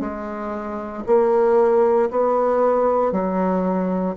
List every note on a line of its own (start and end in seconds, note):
0.00 1.03 G#3
1.06 2.09 A#3
2.10 3.12 B3
3.12 4.15 F#3